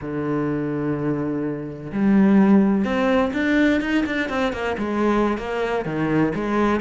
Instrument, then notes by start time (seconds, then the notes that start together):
cello
0.01 D3
1.92 G3
2.84 C4
3.33 D4
3.80 D#4
4.06 D4
4.29 C4
4.52 A#3
4.78 G#3
5.37 A#3
5.85 D#3
6.34 G#3